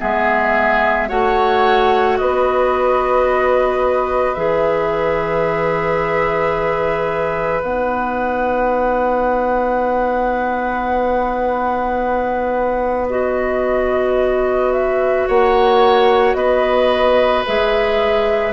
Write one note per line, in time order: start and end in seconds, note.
0.00 1.10 G#3
0.00 1.09 B3
0.00 1.09 G#4
0.00 1.09 E5
1.09 2.19 A3
1.09 4.36 F#4
1.09 2.18 C#5
1.09 2.17 F#5
2.17 4.36 B3
2.17 15.27 B4
2.17 4.35 D#5
4.35 7.62 E3
4.35 7.61 G#4
4.35 7.62 E5
7.61 15.26 B3
7.61 13.07 D#4
7.61 13.08 F#5
13.10 17.46 F#4
13.10 14.73 D#5
14.73 15.27 E5
15.27 16.34 A#3
15.27 16.37 C#5
15.27 16.34 F#5
16.34 17.43 B3
16.34 18.52 B4
16.34 17.43 D#5
17.46 18.52 G#3
17.46 18.52 G#4
17.46 18.52 E5